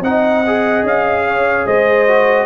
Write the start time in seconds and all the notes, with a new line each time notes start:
0.00 C4 D#4 D#5 F#5
0.46 G#4
0.83 C#4 F5
1.27 C#5
1.66 G#3 C5 D#5
2.07 F#4